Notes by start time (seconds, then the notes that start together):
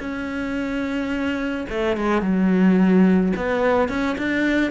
0.00 C#4
1.69 A3
1.97 G#3
2.22 F#3
3.36 B3
3.89 C#4
4.18 D4